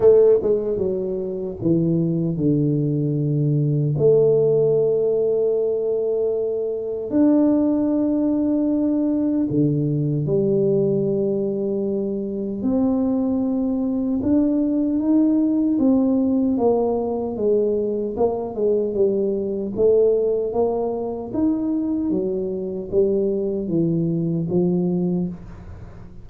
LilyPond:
\new Staff \with { instrumentName = "tuba" } { \time 4/4 \tempo 4 = 76 a8 gis8 fis4 e4 d4~ | d4 a2.~ | a4 d'2. | d4 g2. |
c'2 d'4 dis'4 | c'4 ais4 gis4 ais8 gis8 | g4 a4 ais4 dis'4 | fis4 g4 e4 f4 | }